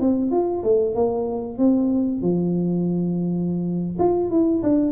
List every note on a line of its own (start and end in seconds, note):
0.00 0.31 C4
0.31 0.63 F4
0.63 0.95 A3
0.95 1.58 A#3
1.58 2.21 C4
2.21 3.97 F3
3.99 4.30 F4
4.30 4.62 E4
4.62 4.91 D4